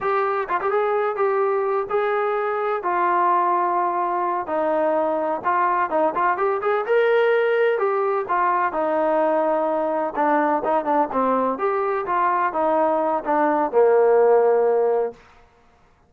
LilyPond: \new Staff \with { instrumentName = "trombone" } { \time 4/4 \tempo 4 = 127 g'4 f'16 g'16 gis'4 g'4. | gis'2 f'2~ | f'4. dis'2 f'8~ | f'8 dis'8 f'8 g'8 gis'8 ais'4.~ |
ais'8 g'4 f'4 dis'4.~ | dis'4. d'4 dis'8 d'8 c'8~ | c'8 g'4 f'4 dis'4. | d'4 ais2. | }